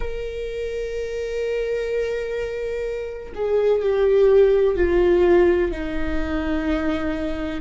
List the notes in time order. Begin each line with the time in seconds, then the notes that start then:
0.00 A#4
3.34 G#4
3.82 G4
4.76 F4
5.71 D#4